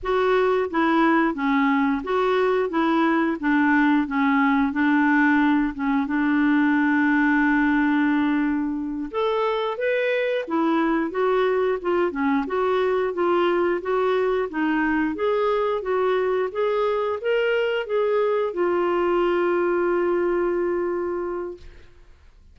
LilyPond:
\new Staff \with { instrumentName = "clarinet" } { \time 4/4 \tempo 4 = 89 fis'4 e'4 cis'4 fis'4 | e'4 d'4 cis'4 d'4~ | d'8 cis'8 d'2.~ | d'4. a'4 b'4 e'8~ |
e'8 fis'4 f'8 cis'8 fis'4 f'8~ | f'8 fis'4 dis'4 gis'4 fis'8~ | fis'8 gis'4 ais'4 gis'4 f'8~ | f'1 | }